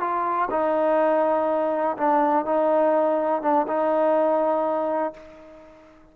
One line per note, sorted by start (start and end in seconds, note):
0.00 0.49 F4
0.51 1.97 D#4
1.97 2.45 D4
2.45 3.42 D#4
3.42 3.66 D4
3.67 5.14 D#4